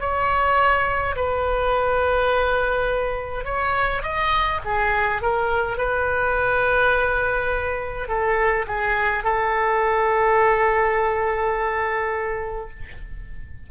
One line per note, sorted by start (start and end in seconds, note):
0.00 1.15 C#5
1.16 3.45 B4
3.45 4.02 C#5
4.03 4.60 D#5
4.65 5.22 G#4
5.22 5.77 A#4
5.77 8.08 B4
8.08 8.66 A4
8.67 9.24 G#4
9.24 12.70 A4